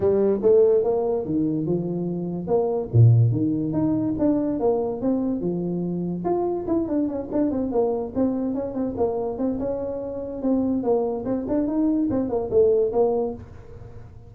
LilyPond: \new Staff \with { instrumentName = "tuba" } { \time 4/4 \tempo 4 = 144 g4 a4 ais4 dis4 | f2 ais4 ais,4 | dis4 dis'4 d'4 ais4 | c'4 f2 f'4 |
e'8 d'8 cis'8 d'8 c'8 ais4 c'8~ | c'8 cis'8 c'8 ais4 c'8 cis'4~ | cis'4 c'4 ais4 c'8 d'8 | dis'4 c'8 ais8 a4 ais4 | }